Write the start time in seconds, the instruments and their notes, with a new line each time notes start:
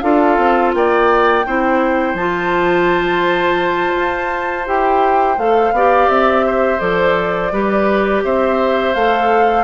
0.00 bassoon D4, clarinet F4, oboe A4, flute F5
0.38 bassoon C4
0.74 bassoon A#3, oboe D5, flute G5
1.46 bassoon C4, clarinet E4, oboe C5
2.14 bassoon F3, clarinet F4, flute A5
3.96 bassoon F4
4.66 bassoon E4, clarinet G4, flute G5
5.38 bassoon A3, clarinet A4, flute F5
5.72 bassoon B3, clarinet G4, oboe D5
6.08 bassoon C4, flute E5
6.46 oboe C5
6.79 bassoon F3, clarinet A4, flute D5
7.52 bassoon G3, clarinet G4, oboe B4
8.24 bassoon C4, oboe C5, flute E5
8.94 bassoon A3, clarinet A4, flute F5